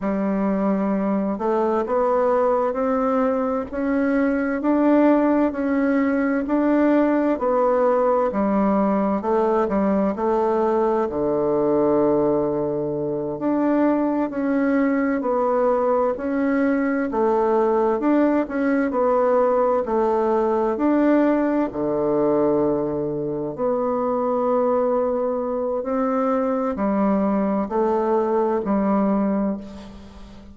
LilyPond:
\new Staff \with { instrumentName = "bassoon" } { \time 4/4 \tempo 4 = 65 g4. a8 b4 c'4 | cis'4 d'4 cis'4 d'4 | b4 g4 a8 g8 a4 | d2~ d8 d'4 cis'8~ |
cis'8 b4 cis'4 a4 d'8 | cis'8 b4 a4 d'4 d8~ | d4. b2~ b8 | c'4 g4 a4 g4 | }